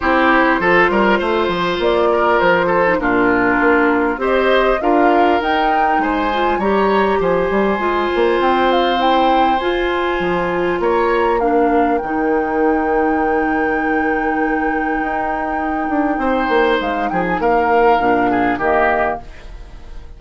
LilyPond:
<<
  \new Staff \with { instrumentName = "flute" } { \time 4/4 \tempo 4 = 100 c''2. d''4 | c''4 ais'2 dis''4 | f''4 g''4 gis''4 ais''4 | gis''2 g''8 f''8 g''4 |
gis''2 ais''4 f''4 | g''1~ | g''1 | f''8 g''16 gis''16 f''2 dis''4 | }
  \new Staff \with { instrumentName = "oboe" } { \time 4/4 g'4 a'8 ais'8 c''4. ais'8~ | ais'8 a'8 f'2 c''4 | ais'2 c''4 cis''4 | c''1~ |
c''2 cis''4 ais'4~ | ais'1~ | ais'2. c''4~ | c''8 gis'8 ais'4. gis'8 g'4 | }
  \new Staff \with { instrumentName = "clarinet" } { \time 4/4 e'4 f'2.~ | f'8. dis'16 d'2 g'4 | f'4 dis'4. f'8 g'4~ | g'4 f'2 e'4 |
f'2. d'4 | dis'1~ | dis'1~ | dis'2 d'4 ais4 | }
  \new Staff \with { instrumentName = "bassoon" } { \time 4/4 c'4 f8 g8 a8 f8 ais4 | f4 ais,4 ais4 c'4 | d'4 dis'4 gis4 g4 | f8 g8 gis8 ais8 c'2 |
f'4 f4 ais2 | dis1~ | dis4 dis'4. d'8 c'8 ais8 | gis8 f8 ais4 ais,4 dis4 | }
>>